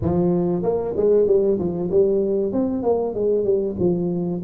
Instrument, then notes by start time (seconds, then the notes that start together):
tuba
0.01 F3
0.62 A#3
0.96 G#3
1.26 G3
1.58 F3
1.90 G3
2.52 C4
2.82 A#3
3.14 G#3
3.44 G3
3.79 F3